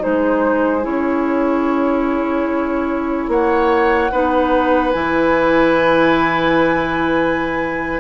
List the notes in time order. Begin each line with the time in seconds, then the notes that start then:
0.00 G#3 D#4 G#4 C5
0.82 C#4 E4 C#5
3.29 A#3 C#5 F#5
4.12 B3 D#4 B4
4.92 E3 E4 G#5